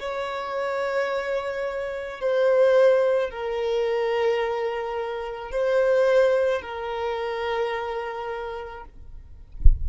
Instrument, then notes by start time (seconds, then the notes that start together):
violin
0.00 C#5
2.21 C5
3.30 A#4
5.52 C5
6.62 A#4